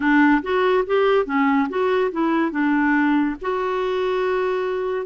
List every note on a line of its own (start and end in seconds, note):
0.00 0.41 D4
0.42 0.84 F#4
0.86 1.25 G4
1.25 1.67 C#4
1.69 2.11 F#4
2.11 2.51 E4
2.51 3.35 D4
3.41 5.06 F#4